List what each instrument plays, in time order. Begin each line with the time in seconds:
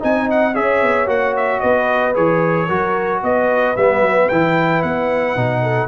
0.00 tuba C4, trombone D#4, horn D#5, trumpet G#5
0.31 trumpet F#5
0.55 tuba C#4, trombone G#4, horn C#5, trumpet E5
0.82 tuba B3
1.07 tuba A#3, trombone F#4, trumpet F#5
1.37 trumpet E5
1.60 tuba B3, horn B4, trumpet D#5
2.14 tuba E3, trombone G#4, trumpet C#5
2.67 tuba F#3, trombone F#4, horn A#4
3.23 tuba B3, horn B4, trumpet D#5
3.76 tuba G3, trombone B3, trumpet E5
4.02 tuba F#3
4.29 tuba E3, trombone E4, trumpet G5
4.83 tuba B3, trumpet F#5
5.36 tuba B2, trombone D#4
5.62 horn A4